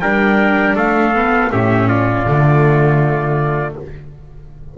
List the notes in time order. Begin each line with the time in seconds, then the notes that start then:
0.00 G3 D4 A#4 G5
0.76 A3 A4 F5
1.14 B3
1.51 A2 C#4 G4 E5
1.88 F4 D5
2.26 D3 A3